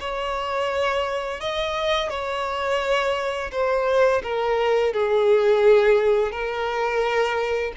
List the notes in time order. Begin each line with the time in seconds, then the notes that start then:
0.00 C#5
1.41 D#5
2.10 C#5
3.52 C5
4.23 A#4
4.93 G#4
6.32 A#4